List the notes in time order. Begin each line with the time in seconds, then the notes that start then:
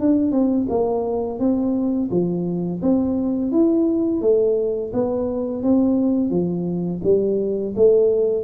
0.00 D4
0.32 C4
0.69 A#3
1.39 C4
2.11 F3
2.82 C4
3.52 E4
4.21 A3
4.93 B3
5.63 C4
6.30 F3
7.04 G3
7.76 A3